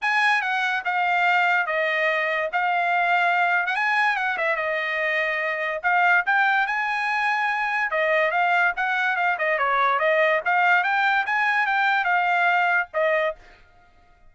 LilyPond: \new Staff \with { instrumentName = "trumpet" } { \time 4/4 \tempo 4 = 144 gis''4 fis''4 f''2 | dis''2 f''2~ | f''8. fis''16 gis''4 fis''8 e''8 dis''4~ | dis''2 f''4 g''4 |
gis''2. dis''4 | f''4 fis''4 f''8 dis''8 cis''4 | dis''4 f''4 g''4 gis''4 | g''4 f''2 dis''4 | }